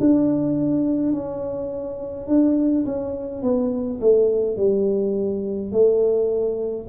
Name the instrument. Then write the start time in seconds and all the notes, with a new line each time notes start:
tuba
0.00 D4
1.12 C#4
2.27 D4
2.85 C#4
3.42 B3
4.00 A3
4.56 G3
5.71 A3